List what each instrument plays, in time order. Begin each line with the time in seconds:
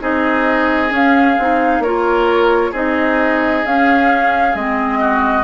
0.00 bassoon C4, clarinet D#4, oboe G#4, flute D#5
0.90 clarinet C#4, bassoon C#4, flute F5
1.38 bassoon C4, clarinet D#4
1.79 bassoon A#3, clarinet F4, oboe A#4, flute C#5
2.71 bassoon C4, clarinet D#4, oboe G#4, flute D#5
3.65 bassoon C#4, clarinet C#4, flute F5
4.55 bassoon G#3, clarinet C4, flute D#5
5.00 oboe F#4